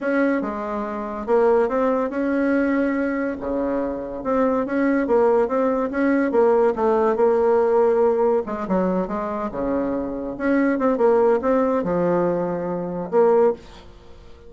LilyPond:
\new Staff \with { instrumentName = "bassoon" } { \time 4/4 \tempo 4 = 142 cis'4 gis2 ais4 | c'4 cis'2. | cis2 c'4 cis'4 | ais4 c'4 cis'4 ais4 |
a4 ais2. | gis8 fis4 gis4 cis4.~ | cis8 cis'4 c'8 ais4 c'4 | f2. ais4 | }